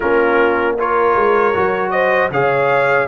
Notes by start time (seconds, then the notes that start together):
0.00 A#3 C#4 F4 A#4
0.78 F4 A#4 C#5
1.15 G#3
1.53 F#3 F#4
1.90 C5 D#5
2.30 C#3 G#4 C#5 F5